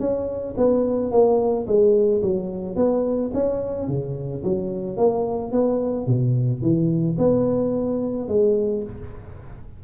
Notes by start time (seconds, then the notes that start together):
0.00 C#4
0.57 B3
1.12 A#3
1.67 G#3
2.23 F#3
2.76 B3
3.34 C#4
3.88 C#3
4.44 F#3
4.97 A#3
5.52 B3
6.07 B2
6.62 E3
7.19 B3
8.29 G#3